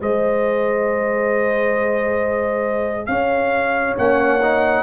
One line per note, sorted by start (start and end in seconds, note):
0.00 3.08 G#3
0.00 3.97 G#4
0.00 3.09 C5
0.00 3.06 D#5
3.06 3.97 C#4
3.06 4.83 C#5
3.06 3.94 F5
3.97 4.83 A#3
3.97 4.41 C#4
3.97 4.83 F#5
4.42 4.83 D#4